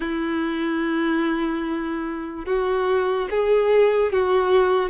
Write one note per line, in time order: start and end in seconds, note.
0.00 2.45 E4
2.45 3.28 F#4
3.30 4.12 G#4
4.12 4.89 F#4